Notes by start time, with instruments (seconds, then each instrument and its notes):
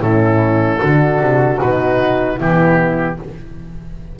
0.00 double bass A2, horn C#4, flute E4, oboe A4
0.79 double bass D3, horn D4, flute F#4
1.19 double bass C3
1.60 double bass B2, horn D#4, oboe B4
2.36 double bass E3, horn B3, flute E4, oboe G4